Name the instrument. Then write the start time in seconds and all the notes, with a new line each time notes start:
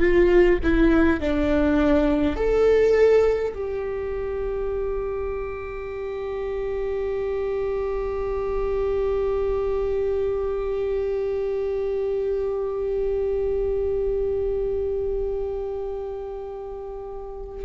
viola
0.00 F4
0.64 E4
1.20 D4
2.36 A4
3.55 G4